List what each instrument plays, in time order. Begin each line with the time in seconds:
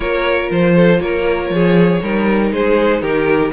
0.00 cello A#3, viola F4, violin A#4 C#5
0.50 cello F3, violin C5
0.75 violin A4
1.00 cello A#3, violin A#4 C#5
1.49 cello F3, violin G#4
2.01 cello G3, viola D#4, violin A#4
2.52 cello G#3, violin G#4 C5
3.01 cello D#3, violin G4 A#4